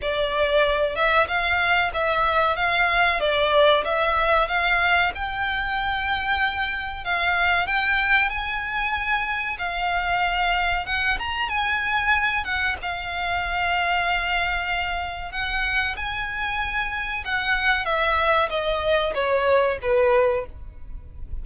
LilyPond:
\new Staff \with { instrumentName = "violin" } { \time 4/4 \tempo 4 = 94 d''4. e''8 f''4 e''4 | f''4 d''4 e''4 f''4 | g''2. f''4 | g''4 gis''2 f''4~ |
f''4 fis''8 ais''8 gis''4. fis''8 | f''1 | fis''4 gis''2 fis''4 | e''4 dis''4 cis''4 b'4 | }